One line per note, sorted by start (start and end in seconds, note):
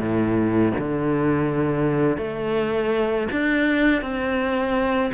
0.00 0.73 A2
0.78 2.18 D3
2.18 3.28 A3
3.32 4.02 D4
4.02 5.12 C4